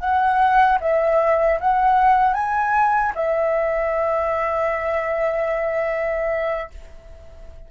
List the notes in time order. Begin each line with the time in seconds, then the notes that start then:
0.00 F#5
0.81 E5
1.60 F#5
2.34 G#5
3.15 E5